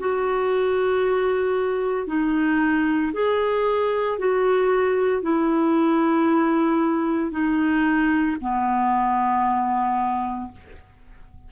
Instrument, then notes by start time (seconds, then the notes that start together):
clarinet
0.00 F#4
2.07 D#4
3.13 G#4
4.19 F#4
5.22 E4
7.32 D#4
8.41 B3